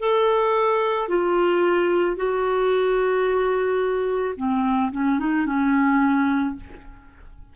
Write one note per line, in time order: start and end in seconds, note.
0.00 1.09 A4
1.09 2.16 F4
2.16 4.34 F#4
4.37 4.92 C4
4.92 5.19 C#4
5.20 5.46 D#4
5.46 6.56 C#4